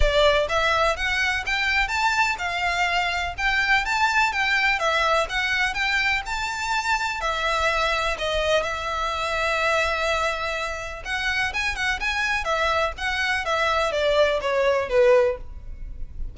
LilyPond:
\new Staff \with { instrumentName = "violin" } { \time 4/4 \tempo 4 = 125 d''4 e''4 fis''4 g''4 | a''4 f''2 g''4 | a''4 g''4 e''4 fis''4 | g''4 a''2 e''4~ |
e''4 dis''4 e''2~ | e''2. fis''4 | gis''8 fis''8 gis''4 e''4 fis''4 | e''4 d''4 cis''4 b'4 | }